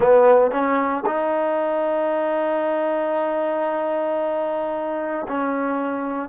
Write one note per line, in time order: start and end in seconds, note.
0.00 0.51 B3
0.51 1.03 C#4
1.05 5.26 D#4
5.27 6.29 C#4